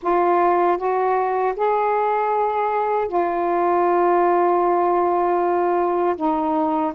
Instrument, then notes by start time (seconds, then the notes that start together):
saxophone
0.02 F4
0.77 F#4
1.56 G#4
3.08 F4
6.15 D#4